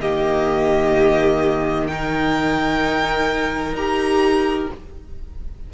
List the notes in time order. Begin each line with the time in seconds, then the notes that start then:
0.00 D#3 A#3 G4 D#5
1.88 D#4 A#4 G5
3.72 D#4 G4 A#5